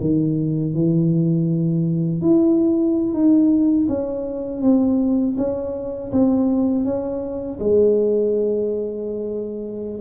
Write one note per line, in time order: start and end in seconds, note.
0.00 0.74 D#3
0.74 2.21 E3
2.21 3.13 E4
3.13 3.87 D#4
3.88 4.62 C#4
4.62 5.36 C4
5.37 6.11 C#4
6.11 6.84 C4
6.84 7.58 C#4
7.59 10.00 G#3